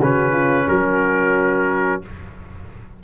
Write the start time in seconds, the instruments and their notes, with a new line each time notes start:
0.00 tuba C#3, trombone C#4, horn F#4, trumpet B4
0.32 horn F4
0.68 tuba F#3, horn F#4, trumpet A#4